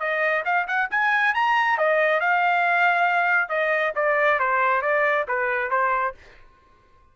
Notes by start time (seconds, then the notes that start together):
0.00 D#5
0.45 F5
0.68 F#5
0.91 G#5
1.35 A#5
1.78 D#5
2.21 F5
3.50 D#5
3.96 D5
4.40 C5
4.82 D5
5.28 B4
5.71 C5